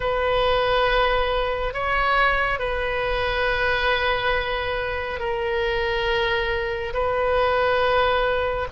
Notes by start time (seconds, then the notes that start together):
0.00 B4
1.73 C#5
2.59 B4
5.19 A#4
6.93 B4